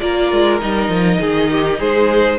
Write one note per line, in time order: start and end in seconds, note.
0.00 0.32 A#3
0.00 0.60 F4
0.00 1.21 A#4
0.00 0.60 D5
0.32 0.62 G#3
0.60 0.89 G3
0.60 2.39 D#4
0.60 1.81 D#5
0.89 1.19 F3
1.21 1.80 D#3
1.21 1.51 G#4
1.52 1.79 G4
1.79 2.39 G#3
1.79 2.39 G#4
1.79 2.39 C5